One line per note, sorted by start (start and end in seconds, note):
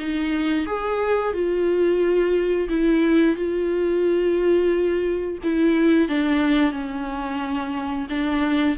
0.00 0.67 D#4
0.67 1.34 G#4
1.34 2.69 F4
2.69 3.36 E4
3.36 5.38 F4
5.44 6.09 E4
6.09 6.73 D4
6.73 8.07 C#4
8.10 8.77 D4